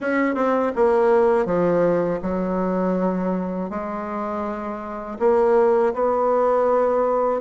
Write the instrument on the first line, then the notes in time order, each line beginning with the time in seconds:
bassoon
0.00 C#4
0.34 C4
0.75 A#3
1.45 F3
2.22 F#3
3.70 G#3
5.19 A#3
5.93 B3